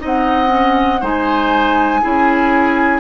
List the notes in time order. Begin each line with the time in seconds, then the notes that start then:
0.00 C4 D#4 D#5 F#5
0.48 C#4
1.01 G#3 D#4 C5 G#5
2.02 C#4 E4 G#4